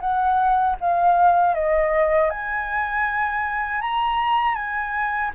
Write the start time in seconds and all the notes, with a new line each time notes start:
0.00 F#5
0.80 F5
1.54 D#5
2.30 G#5
3.81 A#5
4.55 G#5